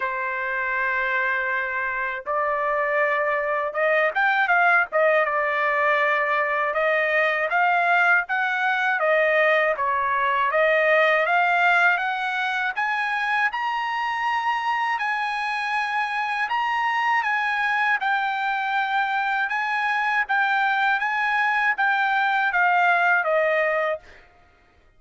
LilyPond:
\new Staff \with { instrumentName = "trumpet" } { \time 4/4 \tempo 4 = 80 c''2. d''4~ | d''4 dis''8 g''8 f''8 dis''8 d''4~ | d''4 dis''4 f''4 fis''4 | dis''4 cis''4 dis''4 f''4 |
fis''4 gis''4 ais''2 | gis''2 ais''4 gis''4 | g''2 gis''4 g''4 | gis''4 g''4 f''4 dis''4 | }